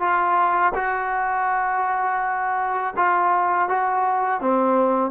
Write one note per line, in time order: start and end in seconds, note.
0.00 0.73 F4
0.75 2.94 F#4
2.97 3.69 F4
3.69 4.41 F#4
4.41 5.11 C4